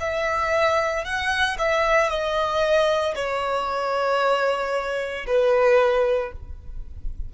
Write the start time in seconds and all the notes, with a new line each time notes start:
0.00 E5
1.05 F#5
1.59 E5
2.10 D#5
3.15 C#5
5.27 B4